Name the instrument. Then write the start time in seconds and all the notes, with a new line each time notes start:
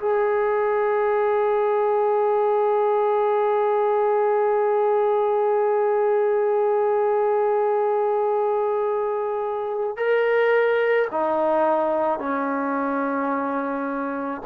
trombone
0.00 G#4
9.97 A#4
11.12 D#4
12.20 C#4